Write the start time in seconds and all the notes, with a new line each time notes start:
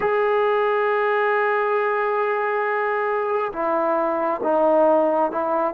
0.00 G#4
3.52 E4
4.43 D#4
5.31 E4